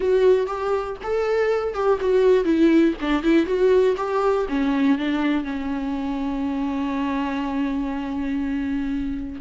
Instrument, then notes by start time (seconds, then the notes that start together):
viola
0.00 F#4
0.47 G4
1.03 A4
1.74 G4
2.00 F#4
2.44 E4
3.00 D4
3.22 E4
3.46 F#4
3.96 G4
4.49 C#4
4.97 D4
5.44 C#4